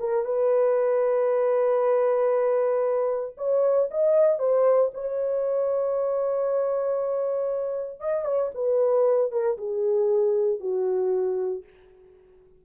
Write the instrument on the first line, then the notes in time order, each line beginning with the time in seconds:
horn
0.00 A#4
0.25 B4
3.38 C#5
3.91 D#5
4.39 C5
4.94 C#5
8.01 D#5
8.25 C#5
8.55 B4
9.32 A#4
9.58 G#4
10.61 F#4